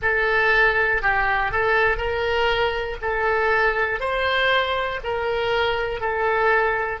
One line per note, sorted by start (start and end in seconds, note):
0.01 1.01 A4
1.02 1.51 G4
1.51 1.97 A4
1.97 2.97 A#4
3.01 4.00 A4
4.00 5.00 C5
5.03 6.00 A#4
6.00 7.00 A4